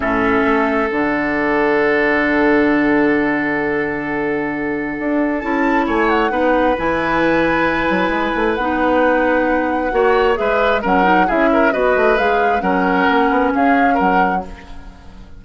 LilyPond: <<
  \new Staff \with { instrumentName = "flute" } { \time 4/4 \tempo 4 = 133 e''2 fis''2~ | fis''1~ | fis''1 | a''4 gis''8 fis''4. gis''4~ |
gis''2. fis''4~ | fis''2. e''4 | fis''4 e''4 dis''4 f''4 | fis''2 f''4 fis''4 | }
  \new Staff \with { instrumentName = "oboe" } { \time 4/4 a'1~ | a'1~ | a'1~ | a'4 cis''4 b'2~ |
b'1~ | b'2 cis''4 b'4 | ais'4 gis'8 ais'8 b'2 | ais'2 gis'4 ais'4 | }
  \new Staff \with { instrumentName = "clarinet" } { \time 4/4 cis'2 d'2~ | d'1~ | d'1 | e'2 dis'4 e'4~ |
e'2. dis'4~ | dis'2 fis'4 gis'4 | cis'8 dis'8 e'4 fis'4 gis'4 | cis'1 | }
  \new Staff \with { instrumentName = "bassoon" } { \time 4/4 a,4 a4 d2~ | d1~ | d2. d'4 | cis'4 a4 b4 e4~ |
e4. fis8 gis8 a8 b4~ | b2 ais4 gis4 | fis4 cis'4 b8 a8 gis4 | fis4 ais8 b8 cis'4 fis4 | }
>>